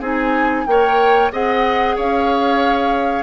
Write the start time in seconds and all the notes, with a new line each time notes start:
0.00 C4 D#4 G#4 G#5
0.66 A#3 A#4 C#5 G5
1.32 C4 G#4 D#5 F#5
1.96 C#4 C#5 F5